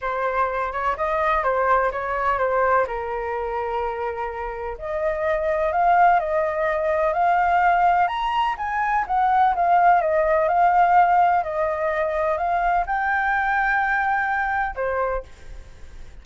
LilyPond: \new Staff \with { instrumentName = "flute" } { \time 4/4 \tempo 4 = 126 c''4. cis''8 dis''4 c''4 | cis''4 c''4 ais'2~ | ais'2 dis''2 | f''4 dis''2 f''4~ |
f''4 ais''4 gis''4 fis''4 | f''4 dis''4 f''2 | dis''2 f''4 g''4~ | g''2. c''4 | }